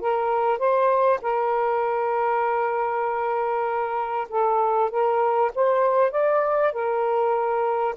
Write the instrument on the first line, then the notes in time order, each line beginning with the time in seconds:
saxophone
0.00 A#4
0.58 C5
1.21 A#4
4.29 A4
4.90 A#4
5.55 C5
6.11 D5
6.72 A#4